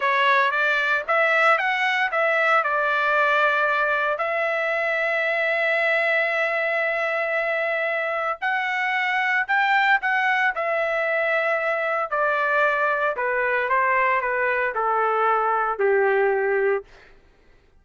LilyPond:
\new Staff \with { instrumentName = "trumpet" } { \time 4/4 \tempo 4 = 114 cis''4 d''4 e''4 fis''4 | e''4 d''2. | e''1~ | e''1 |
fis''2 g''4 fis''4 | e''2. d''4~ | d''4 b'4 c''4 b'4 | a'2 g'2 | }